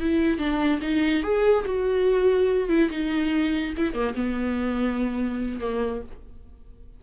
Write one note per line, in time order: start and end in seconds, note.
0.00 0.38 E4
0.38 0.80 D4
0.82 1.23 D#4
1.23 1.65 G#4
1.66 2.69 F#4
2.69 2.90 E4
2.91 3.74 D#4
3.77 3.94 E4
3.94 4.15 A#3
4.15 5.61 B3
5.61 6.02 A#3